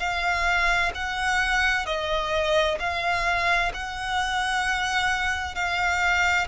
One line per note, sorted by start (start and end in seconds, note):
0.00 0.92 F5
0.95 1.86 F#5
1.86 2.79 D#5
2.80 3.72 F5
3.74 5.56 F#5
5.56 6.48 F5